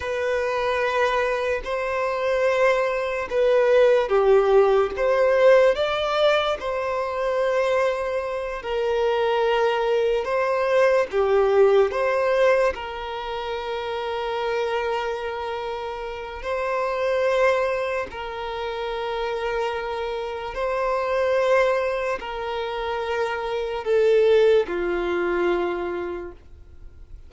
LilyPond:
\new Staff \with { instrumentName = "violin" } { \time 4/4 \tempo 4 = 73 b'2 c''2 | b'4 g'4 c''4 d''4 | c''2~ c''8 ais'4.~ | ais'8 c''4 g'4 c''4 ais'8~ |
ais'1 | c''2 ais'2~ | ais'4 c''2 ais'4~ | ais'4 a'4 f'2 | }